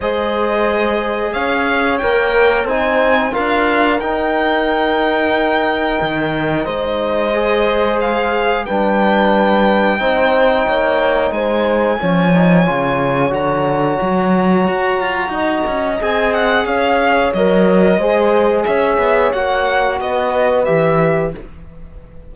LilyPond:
<<
  \new Staff \with { instrumentName = "violin" } { \time 4/4 \tempo 4 = 90 dis''2 f''4 g''4 | gis''4 f''4 g''2~ | g''2 dis''2 | f''4 g''2.~ |
g''4 gis''2. | ais''1 | gis''8 fis''8 f''4 dis''2 | e''4 fis''4 dis''4 e''4 | }
  \new Staff \with { instrumentName = "horn" } { \time 4/4 c''2 cis''2 | c''4 ais'2.~ | ais'2 c''2~ | c''4 b'2 c''4 |
cis''4 c''4 cis''2~ | cis''2. dis''4~ | dis''4 cis''2 c''4 | cis''2 b'2 | }
  \new Staff \with { instrumentName = "trombone" } { \time 4/4 gis'2. ais'4 | dis'4 f'4 dis'2~ | dis'2. gis'4~ | gis'4 d'2 dis'4~ |
dis'2 cis'8 dis'8 f'4 | fis'1 | gis'2 ais'4 gis'4~ | gis'4 fis'2 g'4 | }
  \new Staff \with { instrumentName = "cello" } { \time 4/4 gis2 cis'4 ais4 | c'4 d'4 dis'2~ | dis'4 dis4 gis2~ | gis4 g2 c'4 |
ais4 gis4 f4 cis4 | d4 fis4 fis'8 f'8 dis'8 cis'8 | c'4 cis'4 fis4 gis4 | cis'8 b8 ais4 b4 e4 | }
>>